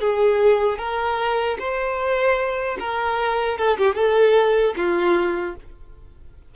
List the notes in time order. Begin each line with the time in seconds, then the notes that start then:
0.00 G#4
0.78 A#4
1.59 C5
2.79 A#4
3.57 A4
3.78 G4
3.95 A4
4.76 F4